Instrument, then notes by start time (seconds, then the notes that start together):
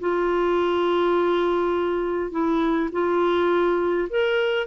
clarinet
0.00 F4
2.31 E4
2.92 F4
4.10 A#4